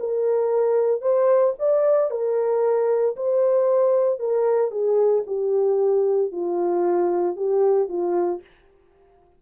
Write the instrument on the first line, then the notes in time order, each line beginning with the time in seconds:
horn
0.00 A#4
1.02 C5
1.60 D5
2.11 A#4
3.17 C5
4.20 A#4
4.72 G#4
5.27 G4
6.32 F4
7.37 G4
7.89 F4